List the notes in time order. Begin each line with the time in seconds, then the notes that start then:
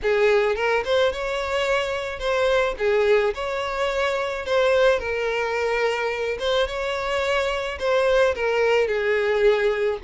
0.02 G#4
0.55 A#4
0.84 C5
1.12 C#5
2.19 C5
2.78 G#4
3.34 C#5
4.45 C5
4.99 A#4
6.39 C5
6.67 C#5
7.79 C5
8.35 A#4
8.87 G#4